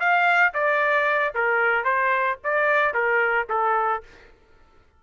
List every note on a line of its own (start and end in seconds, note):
0.00 0.54 F5
0.54 1.34 D5
1.35 1.84 A#4
1.84 2.38 C5
2.44 2.94 D5
2.94 3.48 A#4
3.50 4.03 A4